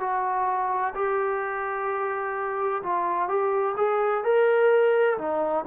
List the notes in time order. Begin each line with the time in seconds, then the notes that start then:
0.00 F#4
0.95 G4
2.83 F4
3.29 G4
3.77 G#4
4.24 A#4
5.18 D#4